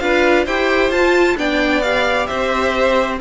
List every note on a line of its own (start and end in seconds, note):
0.00 0.46 D4
0.00 0.46 F4
0.00 0.45 B4
0.00 0.45 F5
0.45 0.90 E4
0.45 0.92 G4
0.45 1.36 C5
0.45 0.92 G5
0.90 1.36 F4
0.90 1.37 F4
0.90 1.37 A5
1.37 2.28 B3
1.37 1.82 D4
1.37 2.28 D5
1.37 1.82 G5
1.82 3.21 G4
1.82 2.27 F5
2.27 3.21 C4
2.27 3.19 C5
2.27 3.18 E5